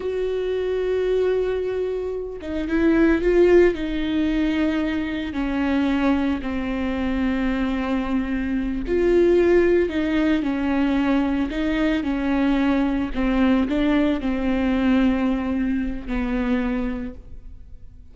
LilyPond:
\new Staff \with { instrumentName = "viola" } { \time 4/4 \tempo 4 = 112 fis'1~ | fis'8 dis'8 e'4 f'4 dis'4~ | dis'2 cis'2 | c'1~ |
c'8 f'2 dis'4 cis'8~ | cis'4. dis'4 cis'4.~ | cis'8 c'4 d'4 c'4.~ | c'2 b2 | }